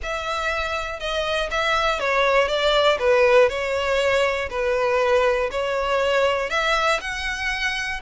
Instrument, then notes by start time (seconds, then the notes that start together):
violin
0.02 E5
0.99 D#5
1.50 E5
1.99 C#5
2.48 D5
2.99 B4
3.49 C#5
4.50 B4
5.51 C#5
6.50 E5
7.00 F#5